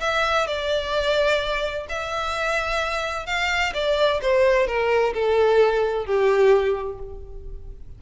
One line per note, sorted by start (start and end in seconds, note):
0.00 0.47 E5
0.47 1.86 D5
1.89 3.26 E5
3.26 3.73 F5
3.74 4.20 D5
4.21 4.67 C5
4.67 5.13 A#4
5.14 6.05 A4
6.05 6.98 G4